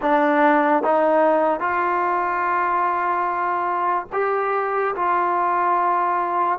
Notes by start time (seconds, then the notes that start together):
0.01 D4
0.83 D#4
1.60 F4
4.12 G4
4.95 F4